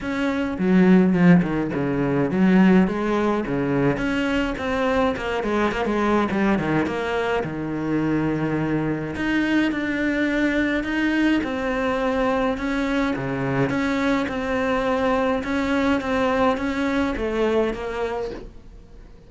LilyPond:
\new Staff \with { instrumentName = "cello" } { \time 4/4 \tempo 4 = 105 cis'4 fis4 f8 dis8 cis4 | fis4 gis4 cis4 cis'4 | c'4 ais8 gis8 ais16 gis8. g8 dis8 | ais4 dis2. |
dis'4 d'2 dis'4 | c'2 cis'4 cis4 | cis'4 c'2 cis'4 | c'4 cis'4 a4 ais4 | }